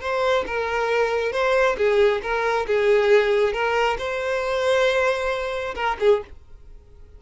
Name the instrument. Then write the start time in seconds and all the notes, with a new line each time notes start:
violin
0.00 C5
0.46 A#4
1.32 C5
1.77 G#4
2.22 A#4
2.67 G#4
3.53 A#4
3.98 C5
5.75 A#4
6.00 G#4